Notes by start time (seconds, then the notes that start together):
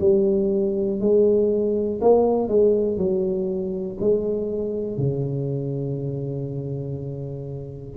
0.00 G3
1.00 G#3
2.01 A#3
2.49 G#3
2.98 F#3
4.00 G#3
4.97 C#3